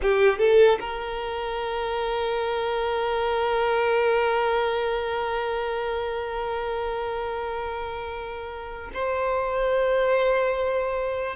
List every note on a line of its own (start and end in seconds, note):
0.02 0.38 G4
0.38 0.79 A4
0.80 8.90 A#4
8.93 11.36 C5